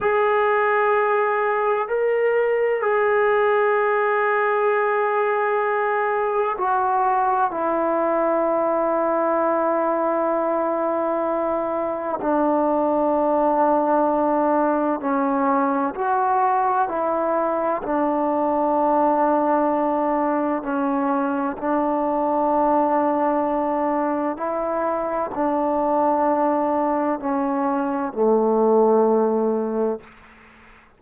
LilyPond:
\new Staff \with { instrumentName = "trombone" } { \time 4/4 \tempo 4 = 64 gis'2 ais'4 gis'4~ | gis'2. fis'4 | e'1~ | e'4 d'2. |
cis'4 fis'4 e'4 d'4~ | d'2 cis'4 d'4~ | d'2 e'4 d'4~ | d'4 cis'4 a2 | }